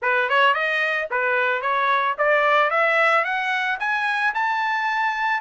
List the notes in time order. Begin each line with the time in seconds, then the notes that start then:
0.01 B4
0.29 C#5
0.54 D#5
1.10 B4
1.61 C#5
2.18 D5
2.70 E5
3.24 F#5
3.79 G#5
4.34 A5